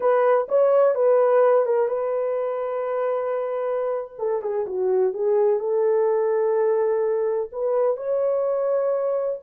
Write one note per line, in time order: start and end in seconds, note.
0.00 0.47 B4
0.48 0.94 C#5
0.94 1.65 B4
1.65 1.88 A#4
1.88 4.14 B4
4.18 4.42 A4
4.42 4.66 G#4
4.66 5.13 F#4
5.13 5.59 G#4
5.59 7.50 A4
7.52 7.97 B4
7.97 9.39 C#5